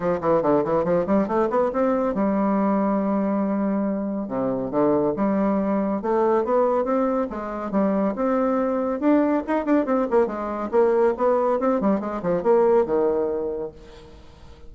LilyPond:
\new Staff \with { instrumentName = "bassoon" } { \time 4/4 \tempo 4 = 140 f8 e8 d8 e8 f8 g8 a8 b8 | c'4 g2.~ | g2 c4 d4 | g2 a4 b4 |
c'4 gis4 g4 c'4~ | c'4 d'4 dis'8 d'8 c'8 ais8 | gis4 ais4 b4 c'8 g8 | gis8 f8 ais4 dis2 | }